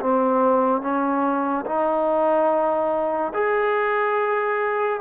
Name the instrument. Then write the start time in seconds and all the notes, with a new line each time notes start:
trombone
0.00 C4
0.81 C#4
1.66 D#4
3.34 G#4